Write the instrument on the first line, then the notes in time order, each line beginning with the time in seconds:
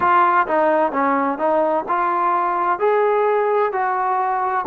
trombone
0.00 F4
0.47 D#4
0.92 C#4
1.38 D#4
1.88 F4
2.79 G#4
3.72 F#4